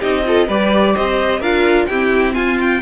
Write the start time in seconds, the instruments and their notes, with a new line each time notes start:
0.00 cello C4, viola D#4, violin G4 D#5
0.26 viola F4, violin A4
0.48 cello G3, viola G4, violin B4 D5
0.96 cello C4, violin C5 D#5
1.41 cello D4, viola F4, violin A#4 F5
1.87 viola C4, cello E4, violin G4 G5
2.35 violin F4 G#5, cello F4
2.61 violin G5